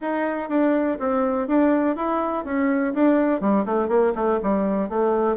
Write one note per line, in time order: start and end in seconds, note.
0.01 0.49 D#4
0.49 0.98 D4
0.99 1.47 C4
1.47 1.95 D4
1.95 2.44 E4
2.44 2.93 C#4
2.94 3.40 D4
3.40 3.65 G3
3.65 3.88 A3
3.88 4.12 A#3
4.15 4.39 A3
4.42 4.89 G3
4.89 5.36 A3